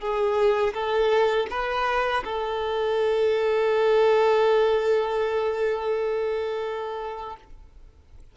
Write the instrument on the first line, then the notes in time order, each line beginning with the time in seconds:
violin
0.00 G#4
0.74 A4
1.50 B4
2.24 A4